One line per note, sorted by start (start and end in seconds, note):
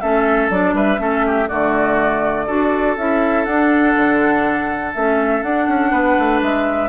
0.00 0.49 A3
0.00 0.51 C#4
0.00 0.75 A4
0.00 0.49 E5
0.49 0.73 F#3
0.49 0.97 D4
0.49 0.75 D5
0.73 0.98 G3
0.73 1.00 B4
0.73 1.48 E5
0.97 1.49 A3
0.97 1.46 C#4
0.97 1.26 A4
1.26 1.48 G4
1.48 2.48 D3
1.48 2.47 A3
1.48 2.46 F#4
1.48 2.95 D5
2.46 2.97 D4
2.46 2.96 F#4
2.46 5.90 A4
2.97 3.46 C#4
2.97 3.47 E4
2.97 3.45 E5
3.45 3.95 D4
3.45 4.95 D4
3.45 4.92 F#5
3.96 4.94 D3
4.94 5.43 A3
4.94 5.43 C#4
4.94 5.43 E5
5.43 5.67 D4
5.43 6.89 D4
5.43 6.41 F#5
5.68 5.92 C#4
5.91 6.16 B3
5.91 6.89 B4
6.19 6.41 A3
6.41 6.89 G#3
6.41 6.89 E5